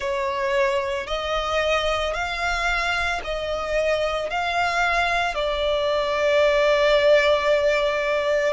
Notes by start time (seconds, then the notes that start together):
0.00 C#5
1.07 D#5
2.14 F5
3.23 D#5
4.30 F5
5.35 D5